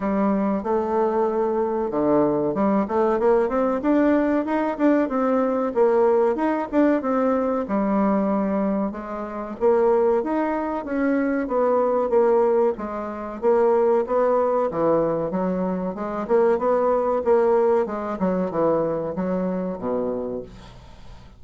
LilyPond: \new Staff \with { instrumentName = "bassoon" } { \time 4/4 \tempo 4 = 94 g4 a2 d4 | g8 a8 ais8 c'8 d'4 dis'8 d'8 | c'4 ais4 dis'8 d'8 c'4 | g2 gis4 ais4 |
dis'4 cis'4 b4 ais4 | gis4 ais4 b4 e4 | fis4 gis8 ais8 b4 ais4 | gis8 fis8 e4 fis4 b,4 | }